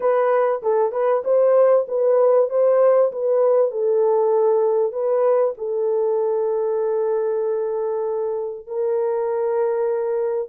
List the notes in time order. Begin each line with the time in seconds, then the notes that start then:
0.00 B4
0.62 A4
0.91 B4
1.24 C5
1.88 B4
2.49 C5
3.12 B4
3.71 A4
4.92 B4
5.57 A4
8.67 A#4